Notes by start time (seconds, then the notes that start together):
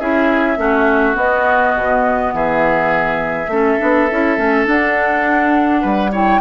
0.00 C#4 E4 G#4 E5
0.57 A3 C#4 F#4
1.14 B3 D#5
1.76 B2
2.33 E3 G#4 E5
3.48 A3 C#4 A4
3.79 B3 D4
4.11 C#4 E4
4.37 A3 C#4
4.66 D4 F#5
5.82 G3 B4
6.12 E4 C#5 G5